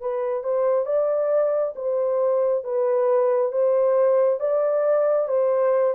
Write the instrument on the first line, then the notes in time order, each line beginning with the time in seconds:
horn
0.00 B4
0.43 C5
0.85 D5
1.75 C5
2.64 B4
3.52 C5
4.40 D5
5.28 C5